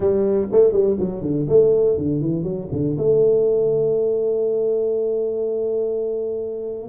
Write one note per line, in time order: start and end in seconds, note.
0.00 0.47 G3
0.51 0.72 A3
0.72 0.96 G3
0.99 1.21 F#3
1.21 1.46 D3
1.48 1.97 A3
1.97 2.20 D3
2.20 2.43 E3
2.43 2.67 F#3
2.72 2.96 D3
2.97 6.88 A3